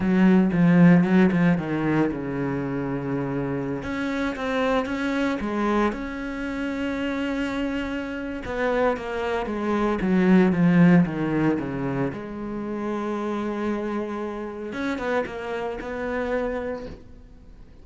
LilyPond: \new Staff \with { instrumentName = "cello" } { \time 4/4 \tempo 4 = 114 fis4 f4 fis8 f8 dis4 | cis2.~ cis16 cis'8.~ | cis'16 c'4 cis'4 gis4 cis'8.~ | cis'1 |
b4 ais4 gis4 fis4 | f4 dis4 cis4 gis4~ | gis1 | cis'8 b8 ais4 b2 | }